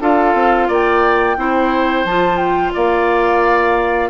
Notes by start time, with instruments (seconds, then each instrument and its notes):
0.00 bassoon D4, clarinet F4, oboe A4, flute F5
0.34 bassoon C4
0.68 bassoon A#3, oboe D5, flute G5
1.36 bassoon C4, clarinet E4, oboe C5
2.04 bassoon F3, clarinet F4, flute A5
2.37 flute G5
2.73 bassoon A#3, oboe D5, flute F5